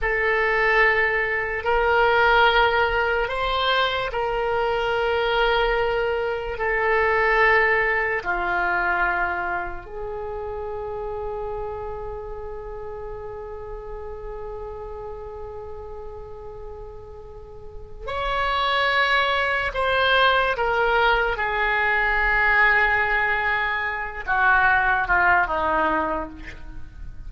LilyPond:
\new Staff \with { instrumentName = "oboe" } { \time 4/4 \tempo 4 = 73 a'2 ais'2 | c''4 ais'2. | a'2 f'2 | gis'1~ |
gis'1~ | gis'2 cis''2 | c''4 ais'4 gis'2~ | gis'4. fis'4 f'8 dis'4 | }